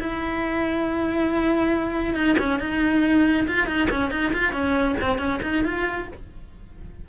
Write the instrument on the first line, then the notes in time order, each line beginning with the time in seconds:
cello
0.00 E4
2.15 D#4
2.39 C#4
2.60 D#4
3.48 F4
3.67 D#4
3.91 C#4
4.11 D#4
4.33 F4
4.53 C#4
5.01 C4
5.18 C#4
5.43 D#4
5.65 F4